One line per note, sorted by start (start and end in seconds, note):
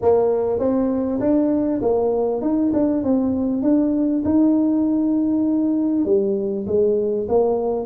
0.01 0.59 A#3
0.59 1.19 C4
1.20 1.80 D4
1.81 2.41 A#3
2.41 2.71 D#4
2.73 3.03 D4
3.03 3.62 C4
3.62 4.23 D4
4.25 6.05 D#4
6.05 6.66 G3
6.67 7.27 G#3
7.28 7.85 A#3